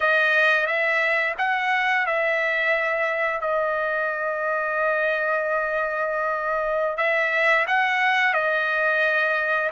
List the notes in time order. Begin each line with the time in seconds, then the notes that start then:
0.00 D#5
0.66 E5
1.38 F#5
2.06 E5
3.41 D#5
6.97 E5
7.67 F#5
8.33 D#5